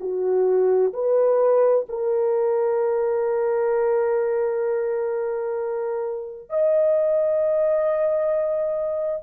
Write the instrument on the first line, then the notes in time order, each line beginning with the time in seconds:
horn
0.00 F#4
0.93 B4
1.88 A#4
6.49 D#5